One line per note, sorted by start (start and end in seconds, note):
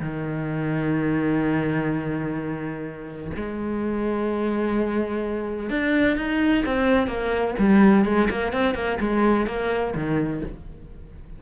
0.00 3.31 D#3
3.36 5.70 G#3
5.70 6.17 D4
6.17 6.64 D#4
6.65 7.07 C4
7.07 7.54 A#3
7.58 8.05 G3
8.05 8.28 G#3
8.30 8.52 A#3
8.52 8.74 C4
8.74 8.98 A#3
9.00 9.46 G#3
9.46 9.93 A#3
9.94 10.42 D#3